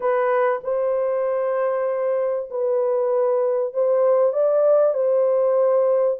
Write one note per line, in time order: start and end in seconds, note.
0.00 0.60 B4
0.63 2.49 C5
2.50 3.73 B4
3.73 4.32 C5
4.32 4.93 D5
4.93 6.17 C5